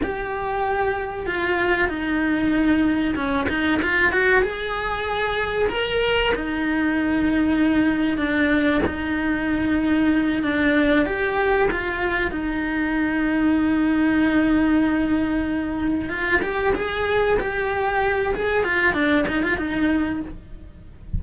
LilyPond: \new Staff \with { instrumentName = "cello" } { \time 4/4 \tempo 4 = 95 g'2 f'4 dis'4~ | dis'4 cis'8 dis'8 f'8 fis'8 gis'4~ | gis'4 ais'4 dis'2~ | dis'4 d'4 dis'2~ |
dis'8 d'4 g'4 f'4 dis'8~ | dis'1~ | dis'4. f'8 g'8 gis'4 g'8~ | g'4 gis'8 f'8 d'8 dis'16 f'16 dis'4 | }